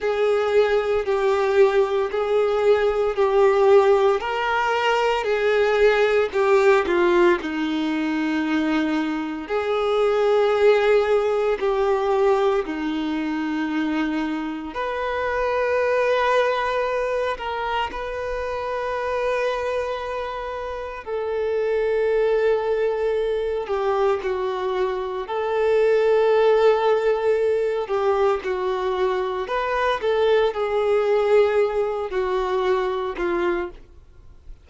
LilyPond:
\new Staff \with { instrumentName = "violin" } { \time 4/4 \tempo 4 = 57 gis'4 g'4 gis'4 g'4 | ais'4 gis'4 g'8 f'8 dis'4~ | dis'4 gis'2 g'4 | dis'2 b'2~ |
b'8 ais'8 b'2. | a'2~ a'8 g'8 fis'4 | a'2~ a'8 g'8 fis'4 | b'8 a'8 gis'4. fis'4 f'8 | }